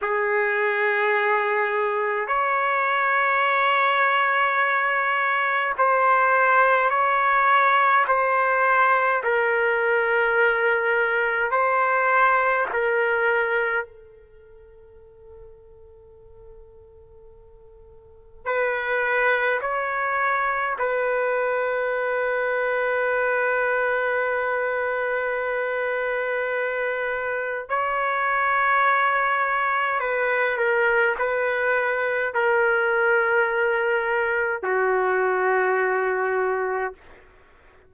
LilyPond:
\new Staff \with { instrumentName = "trumpet" } { \time 4/4 \tempo 4 = 52 gis'2 cis''2~ | cis''4 c''4 cis''4 c''4 | ais'2 c''4 ais'4 | a'1 |
b'4 cis''4 b'2~ | b'1 | cis''2 b'8 ais'8 b'4 | ais'2 fis'2 | }